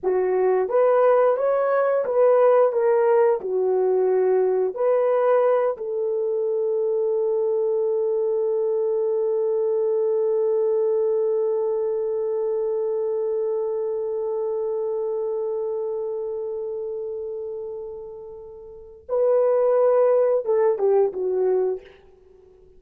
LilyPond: \new Staff \with { instrumentName = "horn" } { \time 4/4 \tempo 4 = 88 fis'4 b'4 cis''4 b'4 | ais'4 fis'2 b'4~ | b'8 a'2.~ a'8~ | a'1~ |
a'1~ | a'1~ | a'1 | b'2 a'8 g'8 fis'4 | }